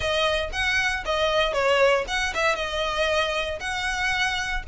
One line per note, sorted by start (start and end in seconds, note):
0.00 0.49 D#5
0.52 1.03 F#5
1.05 1.53 D#5
1.53 2.05 C#5
2.07 2.33 F#5
2.34 2.55 E5
2.55 3.59 D#5
3.59 4.63 F#5